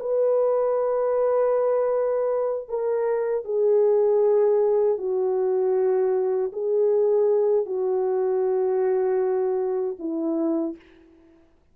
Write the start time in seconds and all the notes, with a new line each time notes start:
0.00 B4
2.69 A#4
3.44 G#4
4.98 F#4
6.52 G#4
7.66 F#4
9.99 E4